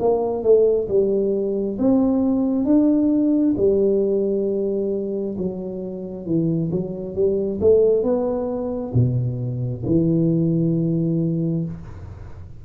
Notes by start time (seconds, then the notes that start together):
0.00 A#3
0.44 A3
0.88 G3
1.79 C4
2.65 D4
3.57 G3
5.38 F#3
6.26 E3
6.72 F#3
7.15 G3
7.61 A3
8.04 B3
8.94 B2
9.86 E3